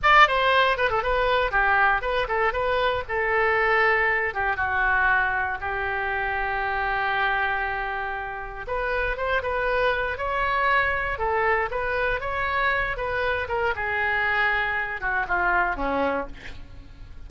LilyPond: \new Staff \with { instrumentName = "oboe" } { \time 4/4 \tempo 4 = 118 d''8 c''4 b'16 a'16 b'4 g'4 | b'8 a'8 b'4 a'2~ | a'8 g'8 fis'2 g'4~ | g'1~ |
g'4 b'4 c''8 b'4. | cis''2 a'4 b'4 | cis''4. b'4 ais'8 gis'4~ | gis'4. fis'8 f'4 cis'4 | }